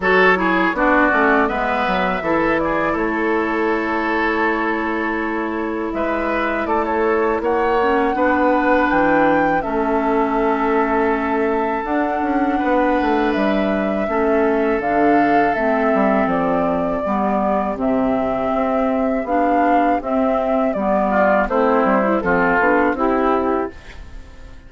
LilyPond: <<
  \new Staff \with { instrumentName = "flute" } { \time 4/4 \tempo 4 = 81 cis''4 d''4 e''4. d''8 | cis''1 | e''4 d''16 cis''8. fis''2 | g''4 e''2. |
fis''2 e''2 | f''4 e''4 d''2 | e''2 f''4 e''4 | d''4 c''4 a'4 g'4 | }
  \new Staff \with { instrumentName = "oboe" } { \time 4/4 a'8 gis'8 fis'4 b'4 a'8 gis'8 | a'1 | b'4 a'4 cis''4 b'4~ | b'4 a'2.~ |
a'4 b'2 a'4~ | a'2. g'4~ | g'1~ | g'8 f'8 e'4 f'4 e'4 | }
  \new Staff \with { instrumentName = "clarinet" } { \time 4/4 fis'8 e'8 d'8 cis'8 b4 e'4~ | e'1~ | e'2~ e'8 cis'8 d'4~ | d'4 cis'2. |
d'2. cis'4 | d'4 c'2 b4 | c'2 d'4 c'4 | b4 c'8. e'16 c'8 d'8 e'4 | }
  \new Staff \with { instrumentName = "bassoon" } { \time 4/4 fis4 b8 a8 gis8 fis8 e4 | a1 | gis4 a4 ais4 b4 | e4 a2. |
d'8 cis'8 b8 a8 g4 a4 | d4 a8 g8 f4 g4 | c4 c'4 b4 c'4 | g4 a8 g8 f8 b8 c'4 | }
>>